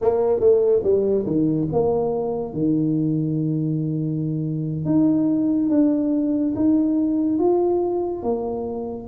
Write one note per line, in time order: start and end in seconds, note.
0.01 0.40 A#3
0.40 0.82 A3
0.83 1.25 G3
1.26 1.68 D#3
1.72 2.53 A#3
2.53 4.85 D#3
4.85 5.69 D#4
5.69 6.54 D4
6.55 7.38 D#4
7.38 8.22 F4
8.22 9.07 A#3